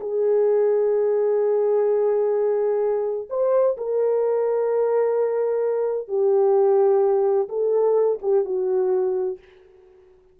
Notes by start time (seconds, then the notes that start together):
0.00 G#4
3.29 C5
3.77 A#4
6.08 G4
7.49 A4
8.22 G4
8.45 F#4